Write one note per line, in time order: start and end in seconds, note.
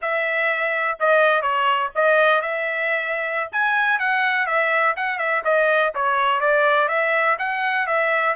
0.01 0.98 E5
0.99 1.42 D#5
1.42 1.90 C#5
1.95 2.41 D#5
2.41 3.50 E5
3.51 3.99 G#5
3.99 4.46 F#5
4.46 4.94 E5
4.96 5.18 F#5
5.18 5.42 E5
5.44 5.93 D#5
5.94 6.40 C#5
6.40 6.88 D5
6.88 7.37 E5
7.38 7.86 F#5
7.86 8.35 E5